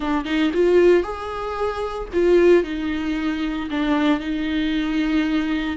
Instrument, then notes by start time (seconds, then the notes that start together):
viola
0.00 D4
0.24 D#4
0.53 F4
1.03 G#4
2.13 F4
2.63 D#4
3.70 D4
4.19 D#4